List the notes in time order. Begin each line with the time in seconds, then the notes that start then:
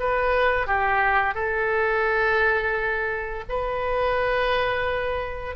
0.00 B4
0.67 G4
1.35 A4
3.49 B4